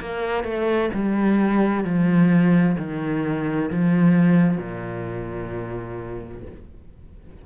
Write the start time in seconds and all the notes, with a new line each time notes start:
0.00 A#3
0.43 A3
0.94 G3
1.84 F3
2.77 D#3
3.70 F3
4.57 A#2